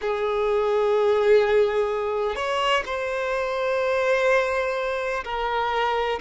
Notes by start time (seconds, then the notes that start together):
0.01 G#4
2.35 C#5
2.85 C5
5.24 A#4